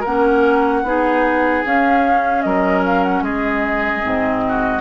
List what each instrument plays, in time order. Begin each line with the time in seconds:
0.00 clarinet C#4, oboe A#4, flute F#5
0.07 bassoon A#3
0.83 bassoon B3, clarinet D#4, oboe G#4
1.65 bassoon C#4, clarinet C#4, flute F5
2.42 bassoon F#3, oboe A#4, flute D#5
2.85 flute F5
3.04 flute F#5
3.22 bassoon G#3, oboe G#4, flute D#5
4.02 bassoon G#2, clarinet C4
4.48 oboe F#4